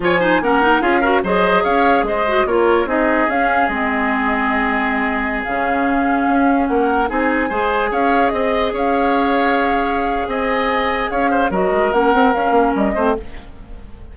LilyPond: <<
  \new Staff \with { instrumentName = "flute" } { \time 4/4 \tempo 4 = 146 gis''4 fis''4 f''4 dis''4 | f''4 dis''4 cis''4 dis''4 | f''4 dis''2.~ | dis''4~ dis''16 f''2~ f''8.~ |
f''16 fis''4 gis''2 f''8.~ | f''16 dis''4 f''2~ f''8.~ | f''4 gis''2 f''4 | dis''4 fis''4 f''4 dis''4 | }
  \new Staff \with { instrumentName = "oboe" } { \time 4/4 cis''8 c''8 ais'4 gis'8 ais'8 c''4 | cis''4 c''4 ais'4 gis'4~ | gis'1~ | gis'1~ |
gis'16 ais'4 gis'4 c''4 cis''8.~ | cis''16 dis''4 cis''2~ cis''8.~ | cis''4 dis''2 cis''8 c''8 | ais'2.~ ais'8 c''8 | }
  \new Staff \with { instrumentName = "clarinet" } { \time 4/4 f'8 dis'8 cis'8 dis'8 f'8 fis'8 gis'4~ | gis'4. fis'8 f'4 dis'4 | cis'4 c'2.~ | c'4~ c'16 cis'2~ cis'8.~ |
cis'4~ cis'16 dis'4 gis'4.~ gis'16~ | gis'1~ | gis'1 | fis'4 cis'8 c'8 cis'4. c'8 | }
  \new Staff \with { instrumentName = "bassoon" } { \time 4/4 f4 ais4 cis'4 fis4 | cis'4 gis4 ais4 c'4 | cis'4 gis2.~ | gis4~ gis16 cis2 cis'8.~ |
cis'16 ais4 c'4 gis4 cis'8.~ | cis'16 c'4 cis'2~ cis'8.~ | cis'4 c'2 cis'4 | fis8 gis8 ais8 c'8 cis'8 ais8 g8 a8 | }
>>